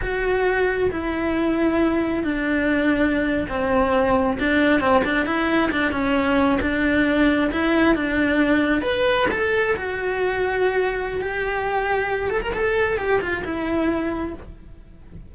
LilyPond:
\new Staff \with { instrumentName = "cello" } { \time 4/4 \tempo 4 = 134 fis'2 e'2~ | e'4 d'2~ d'8. c'16~ | c'4.~ c'16 d'4 c'8 d'8 e'16~ | e'8. d'8 cis'4. d'4~ d'16~ |
d'8. e'4 d'2 b'16~ | b'8. a'4 fis'2~ fis'16~ | fis'4 g'2~ g'8 a'16 ais'16 | a'4 g'8 f'8 e'2 | }